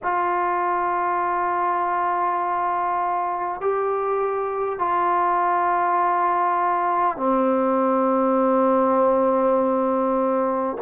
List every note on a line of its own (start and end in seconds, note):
0.03 3.60 F4
3.60 4.78 G4
4.78 7.16 F4
7.16 10.76 C4